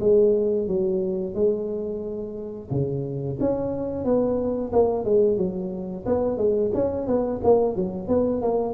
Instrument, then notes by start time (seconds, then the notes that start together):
tuba
0.00 G#3
0.67 F#3
1.35 G#3
2.71 C#3
3.40 C#4
4.04 B3
4.73 A#3
5.05 G#3
5.37 F#3
6.06 B3
6.37 G#3
6.74 C#4
7.07 B3
7.43 A#3
7.76 F#3
8.08 B3
8.41 A#3